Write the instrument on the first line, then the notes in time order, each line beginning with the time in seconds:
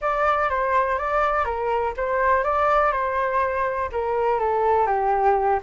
flute
0.01 D5
0.49 C5
0.98 D5
1.45 A#4
1.96 C5
2.43 D5
2.92 C5
3.92 A#4
4.39 A4
4.86 G4